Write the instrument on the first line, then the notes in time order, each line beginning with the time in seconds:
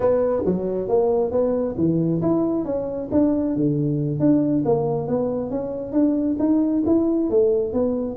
tuba
0.00 B3
0.45 F#3
0.88 A#3
1.31 B3
1.77 E3
2.21 E4
2.65 C#4
3.11 D4
3.56 D3
4.19 D4
4.65 A#3
5.07 B3
5.50 C#4
5.92 D4
6.39 D#4
6.86 E4
7.29 A3
7.73 B3